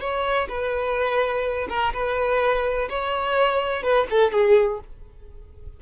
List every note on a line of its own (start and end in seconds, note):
0.00 0.48 C#5
0.48 1.67 B4
1.69 1.93 A#4
1.93 2.89 B4
2.89 3.83 C#5
3.83 4.06 B4
4.10 4.32 A4
4.32 4.79 G#4